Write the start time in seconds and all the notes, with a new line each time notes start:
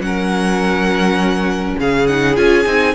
0.00 F#3 C#4 A#4 F#5
1.79 C#3 G#4 F5
2.07 D#4 F#5
2.35 C#4 F4 G#5
2.65 C4 D#4